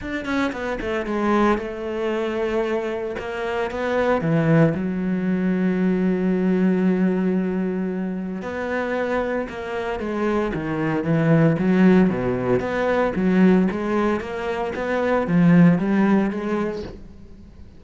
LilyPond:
\new Staff \with { instrumentName = "cello" } { \time 4/4 \tempo 4 = 114 d'8 cis'8 b8 a8 gis4 a4~ | a2 ais4 b4 | e4 fis2.~ | fis1 |
b2 ais4 gis4 | dis4 e4 fis4 b,4 | b4 fis4 gis4 ais4 | b4 f4 g4 gis4 | }